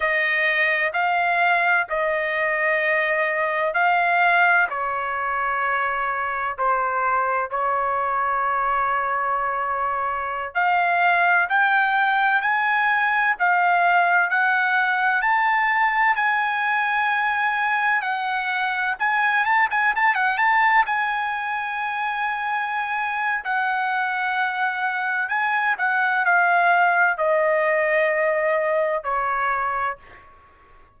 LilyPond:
\new Staff \with { instrumentName = "trumpet" } { \time 4/4 \tempo 4 = 64 dis''4 f''4 dis''2 | f''4 cis''2 c''4 | cis''2.~ cis''16 f''8.~ | f''16 g''4 gis''4 f''4 fis''8.~ |
fis''16 a''4 gis''2 fis''8.~ | fis''16 gis''8 a''16 gis''16 a''16 fis''16 a''8 gis''4.~ gis''16~ | gis''4 fis''2 gis''8 fis''8 | f''4 dis''2 cis''4 | }